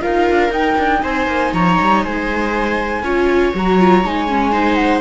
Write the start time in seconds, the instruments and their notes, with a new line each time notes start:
0.00 cello D#4, viola F4 A#4, flute F5
0.30 cello D4
0.49 cello D#4, viola D#4, flute G5
0.77 cello D4
1.02 cello C4, viola C5, flute G#5
1.27 cello A#3
1.53 cello F3, viola C#5, flute A#5
1.80 cello G3
2.03 cello G#3, viola C5, flute G#5
3.02 cello C#4, viola F4 C#5
3.54 cello F#3, viola F#4, flute A#5
3.79 viola F4
4.03 cello G#3, viola D#4, flute G#5
4.28 viola C#4
4.52 viola D#4 C5
4.74 flute F#5